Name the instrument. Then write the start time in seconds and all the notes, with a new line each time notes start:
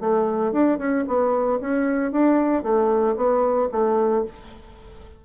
bassoon
0.00 A3
0.52 D4
0.78 C#4
1.07 B3
1.60 C#4
2.11 D4
2.63 A3
3.16 B3
3.72 A3